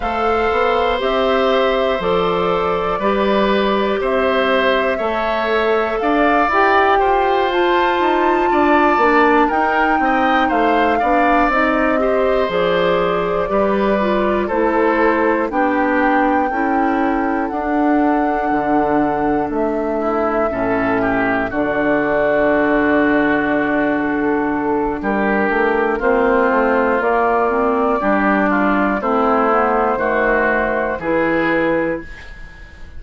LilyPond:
<<
  \new Staff \with { instrumentName = "flute" } { \time 4/4 \tempo 4 = 60 f''4 e''4 d''2 | e''2 f''8 g''4 a''8~ | a''4. g''4 f''4 dis''8~ | dis''8 d''2 c''4 g''8~ |
g''4. fis''2 e''8~ | e''4. d''2~ d''8 | a'4 ais'4 c''4 d''4~ | d''4 c''2 b'4 | }
  \new Staff \with { instrumentName = "oboe" } { \time 4/4 c''2. b'4 | c''4 cis''4 d''4 c''4~ | c''8 d''4 ais'8 dis''8 c''8 d''4 | c''4. b'4 a'4 g'8~ |
g'8 a'2.~ a'8 | e'8 a'8 g'8 fis'2~ fis'8~ | fis'4 g'4 f'2 | g'8 f'8 e'4 fis'4 gis'4 | }
  \new Staff \with { instrumentName = "clarinet" } { \time 4/4 a'4 g'4 a'4 g'4~ | g'4 a'4. g'4 f'8~ | f'4 d'8 dis'4. d'8 dis'8 | g'8 gis'4 g'8 f'8 e'4 d'8~ |
d'8 e'4 d'2~ d'8~ | d'8 cis'4 d'2~ d'8~ | d'2 c'4 ais8 c'8 | d'4 c'8 b8 a4 e'4 | }
  \new Staff \with { instrumentName = "bassoon" } { \time 4/4 a8 b8 c'4 f4 g4 | c'4 a4 d'8 e'8 f'4 | dis'8 d'8 ais8 dis'8 c'8 a8 b8 c'8~ | c'8 f4 g4 a4 b8~ |
b8 cis'4 d'4 d4 a8~ | a8 a,4 d2~ d8~ | d4 g8 a8 ais8 a8 ais4 | g4 a4 dis4 e4 | }
>>